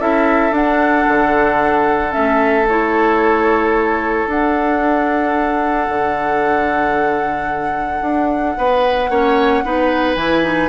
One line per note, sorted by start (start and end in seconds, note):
0.00 0.51 C#4
0.00 0.52 E4
0.00 8.57 A4
0.00 0.54 E5
0.51 1.05 D4
0.51 2.10 D4
0.51 2.12 F#5
1.07 2.15 D3
2.10 2.64 C#4
2.10 2.66 E5
2.16 4.27 A3
2.68 4.29 E4
2.68 4.29 C#5
4.27 5.87 D4
4.27 9.11 D4
4.27 10.16 F#5
5.88 8.01 D3
8.01 8.54 D4
8.57 9.09 B3
8.57 9.10 B4
9.09 9.63 A#3
9.09 9.64 C#4
9.09 9.64 C#5
9.64 10.15 B3
9.64 10.16 D#4
9.64 10.69 B4
10.15 10.69 E3
10.15 10.43 E4
10.15 10.69 G#5
10.43 10.69 D#4